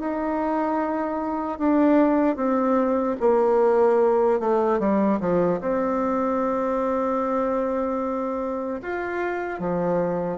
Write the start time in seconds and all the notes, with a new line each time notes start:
0.00 D#4
1.59 D4
2.36 C4
3.20 A#3
4.40 A3
4.80 G3
5.20 F3
5.61 C4
8.82 F4
9.60 F3